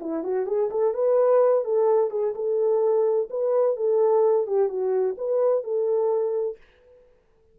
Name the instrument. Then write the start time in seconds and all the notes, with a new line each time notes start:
horn
0.00 E4
0.23 F#4
0.46 G#4
0.70 A4
0.94 B4
1.64 A4
2.10 G#4
2.35 A4
3.30 B4
3.76 A4
4.47 G4
4.69 F#4
5.18 B4
5.64 A4